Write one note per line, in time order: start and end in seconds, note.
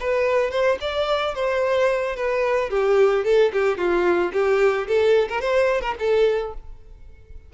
0.00 0.51 B4
0.51 0.78 C5
0.81 1.35 D5
1.35 2.16 C5
2.16 2.70 B4
2.70 3.25 G4
3.25 3.52 A4
3.53 3.77 G4
3.77 4.32 F4
4.33 4.87 G4
4.88 5.29 A4
5.29 5.41 A#4
5.41 5.81 C5
5.81 5.95 A#4
5.99 6.54 A4